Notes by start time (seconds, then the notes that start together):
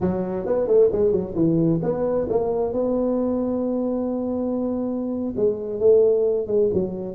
0.00 F#3
0.45 B3
0.67 A3
0.92 G#3
1.11 F#3
1.35 E3
1.82 B3
2.29 A#3
2.72 B3
5.36 G#3
5.79 A3
6.47 G#3
6.73 F#3